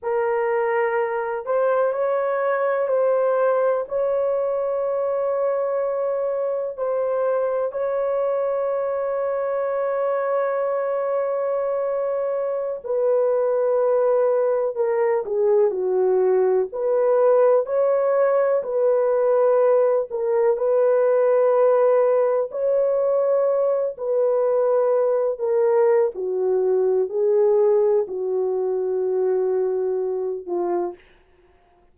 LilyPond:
\new Staff \with { instrumentName = "horn" } { \time 4/4 \tempo 4 = 62 ais'4. c''8 cis''4 c''4 | cis''2. c''4 | cis''1~ | cis''4~ cis''16 b'2 ais'8 gis'16~ |
gis'16 fis'4 b'4 cis''4 b'8.~ | b'8. ais'8 b'2 cis''8.~ | cis''8. b'4. ais'8. fis'4 | gis'4 fis'2~ fis'8 f'8 | }